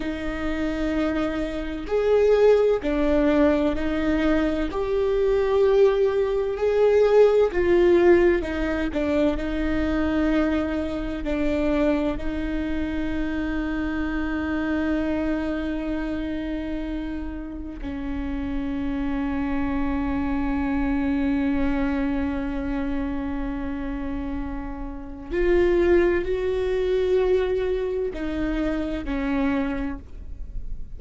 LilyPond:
\new Staff \with { instrumentName = "viola" } { \time 4/4 \tempo 4 = 64 dis'2 gis'4 d'4 | dis'4 g'2 gis'4 | f'4 dis'8 d'8 dis'2 | d'4 dis'2.~ |
dis'2. cis'4~ | cis'1~ | cis'2. f'4 | fis'2 dis'4 cis'4 | }